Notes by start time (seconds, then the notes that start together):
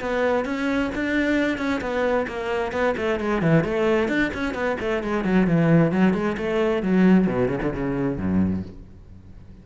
0.00 B3
0.45 C#4
0.95 D4
1.58 C#4
1.81 B3
2.27 A#3
2.72 B3
2.97 A3
3.20 G#3
3.42 E3
3.64 A3
4.08 D4
4.34 C#4
4.54 B3
4.80 A3
5.03 G#3
5.24 F#3
5.47 E3
5.92 F#3
6.14 G#3
6.37 A3
6.82 F#3
7.27 B2
7.48 C#3
7.63 D3
7.73 C#3
8.18 F#2